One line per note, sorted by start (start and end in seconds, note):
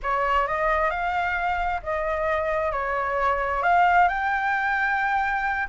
0.02 0.47 C#5
0.47 0.90 D#5
0.90 1.81 F5
1.82 2.71 D#5
2.71 3.62 C#5
3.62 4.08 F5
4.08 5.67 G5